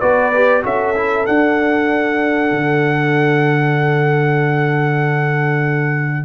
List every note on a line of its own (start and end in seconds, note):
0.00 0.64 B3
0.00 0.32 F#4
0.00 0.62 B4
0.00 0.62 D5
0.35 0.63 G4
0.63 1.27 C#4
0.63 0.94 F#4
0.63 6.25 A4
0.63 1.26 E5
0.95 1.26 E4
1.26 6.25 D4
1.26 2.51 D4
1.26 6.25 F#5
2.51 6.25 D3